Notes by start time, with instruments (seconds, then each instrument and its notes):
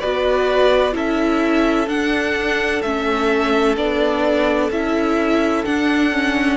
0.00 cello B3, viola F#4, violin B4 D5
0.92 cello C#4, viola E4, violin A4 E5
1.88 cello D4, viola D4, violin F#5
2.82 cello A3, viola C#4, violin E5
3.77 cello B3, viola D4, violin D5
4.70 cello C#4, viola E4, violin E5
5.65 viola D4, cello D4, violin F#5
6.12 viola C#4